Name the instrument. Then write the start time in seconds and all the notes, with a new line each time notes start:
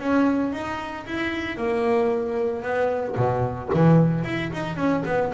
double bass
0.00 C#4
0.53 D#4
1.06 E4
1.57 A#3
2.63 B3
3.16 B2
3.74 E3
4.25 E4
4.53 D#4
4.76 C#4
5.06 B3